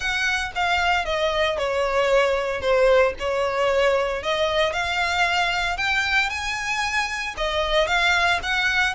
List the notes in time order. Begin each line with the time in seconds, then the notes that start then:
0.00 F#5
0.55 F5
1.05 D#5
1.58 C#5
2.61 C5
3.19 C#5
4.22 D#5
4.72 F5
5.77 G5
6.29 G#5
7.37 D#5
7.87 F5
8.42 F#5